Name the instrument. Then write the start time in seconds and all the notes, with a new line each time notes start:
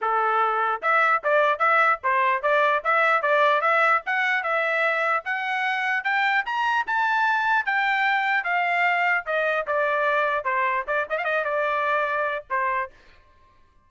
trumpet
0.01 A4
0.82 E5
1.23 D5
1.59 E5
2.03 C5
2.42 D5
2.84 E5
3.22 D5
3.61 E5
4.06 F#5
4.43 E5
5.24 F#5
6.04 G5
6.45 A#5
6.86 A5
7.65 G5
8.44 F5
9.26 D#5
9.66 D5
10.44 C5
10.87 D5
11.09 D#5
11.18 F5
11.24 D#5
11.44 D5
12.50 C5